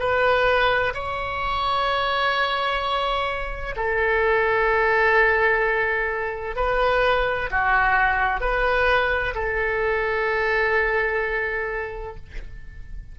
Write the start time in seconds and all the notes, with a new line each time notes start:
0.00 B4
0.95 C#5
3.77 A4
6.56 B4
7.51 F#4
8.41 B4
9.35 A4